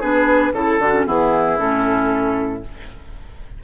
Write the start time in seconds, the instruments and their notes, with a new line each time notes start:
0.00 bassoon B3, clarinet D4, oboe G#4, flute B4
0.52 bassoon C#3, clarinet E4, flute A4, oboe A4
0.78 bassoon D3, clarinet D4, flute F#4
0.93 clarinet C#4
1.06 bassoon E3, clarinet B3, oboe E4, flute G#4
1.57 bassoon A2, clarinet C#4, flute A4